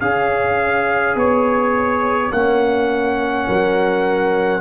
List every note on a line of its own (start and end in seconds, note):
0.00 1.15 C#4
0.00 2.32 G#4
0.00 3.47 C#5
0.00 1.15 F5
1.15 2.30 B3
1.15 2.32 C#5
2.32 3.47 A#3
2.32 4.61 C#4
2.32 4.61 F#5
3.47 4.61 F#3
3.47 4.61 A#4